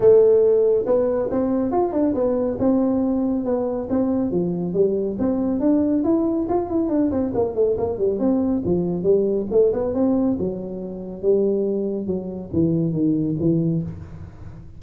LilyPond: \new Staff \with { instrumentName = "tuba" } { \time 4/4 \tempo 4 = 139 a2 b4 c'4 | f'8 d'8 b4 c'2 | b4 c'4 f4 g4 | c'4 d'4 e'4 f'8 e'8 |
d'8 c'8 ais8 a8 ais8 g8 c'4 | f4 g4 a8 b8 c'4 | fis2 g2 | fis4 e4 dis4 e4 | }